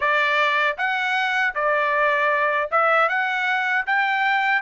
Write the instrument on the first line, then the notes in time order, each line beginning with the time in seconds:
trumpet
0.00 D5
0.77 F#5
1.54 D5
2.71 E5
3.08 F#5
3.86 G5